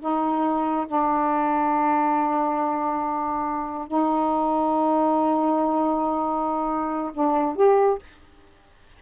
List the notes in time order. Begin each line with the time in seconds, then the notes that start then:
0.00 D#4
0.87 D4
3.88 D#4
7.13 D4
7.55 G4